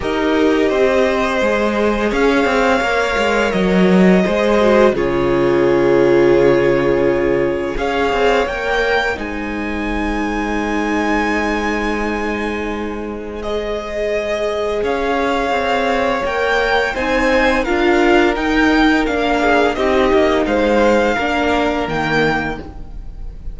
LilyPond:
<<
  \new Staff \with { instrumentName = "violin" } { \time 4/4 \tempo 4 = 85 dis''2. f''4~ | f''4 dis''2 cis''4~ | cis''2. f''4 | g''4 gis''2.~ |
gis''2. dis''4~ | dis''4 f''2 g''4 | gis''4 f''4 g''4 f''4 | dis''4 f''2 g''4 | }
  \new Staff \with { instrumentName = "violin" } { \time 4/4 ais'4 c''2 cis''4~ | cis''2 c''4 gis'4~ | gis'2. cis''4~ | cis''4 c''2.~ |
c''1~ | c''4 cis''2. | c''4 ais'2~ ais'8 gis'8 | g'4 c''4 ais'2 | }
  \new Staff \with { instrumentName = "viola" } { \time 4/4 g'2 gis'2 | ais'2 gis'8 fis'8 f'4~ | f'2. gis'4 | ais'4 dis'2.~ |
dis'2. gis'4~ | gis'2. ais'4 | dis'4 f'4 dis'4 d'4 | dis'2 d'4 ais4 | }
  \new Staff \with { instrumentName = "cello" } { \time 4/4 dis'4 c'4 gis4 cis'8 c'8 | ais8 gis8 fis4 gis4 cis4~ | cis2. cis'8 c'8 | ais4 gis2.~ |
gis1~ | gis4 cis'4 c'4 ais4 | c'4 d'4 dis'4 ais4 | c'8 ais8 gis4 ais4 dis4 | }
>>